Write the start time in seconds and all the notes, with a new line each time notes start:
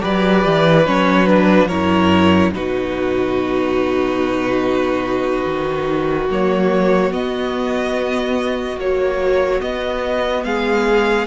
0.00 F#3 G4 B4 D5
0.45 E3
0.86 F#3 C#4 C#5
1.27 D4 B4
1.68 F#2 E4 A#4 C#5
2.53 B2 D#4 F#4 B4
5.46 D#3
6.30 F#3 A#3 C#5
7.12 B3 D#5
8.77 F#3 A#3 C#5
9.61 B3 D#5
10.44 G#3 G#4 F5